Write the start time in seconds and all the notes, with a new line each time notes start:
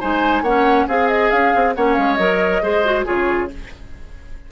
0.00 G#3 D#4 C5 G#5
0.42 A#3 C#4 C#5 F#5
0.87 C4 G#4 F5
1.08 D#5
1.30 C#4 F5
1.55 C4
1.75 A#3 C#4 C#5 F#5
1.94 G#3 F5
2.15 F#3 A#4 D#5
2.62 G#3 G#4 C5
2.85 F#4
3.05 C#3 F4 G#4 C#5